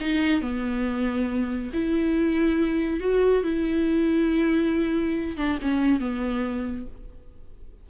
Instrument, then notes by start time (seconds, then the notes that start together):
viola
0.00 D#4
0.41 B3
1.73 E4
3.00 F#4
3.43 E4
5.37 D4
5.62 C#4
6.00 B3